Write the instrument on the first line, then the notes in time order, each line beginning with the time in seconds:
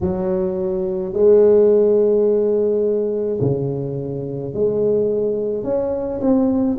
tuba
0.01 F#3
1.13 G#3
3.41 C#3
4.53 G#3
5.63 C#4
6.20 C4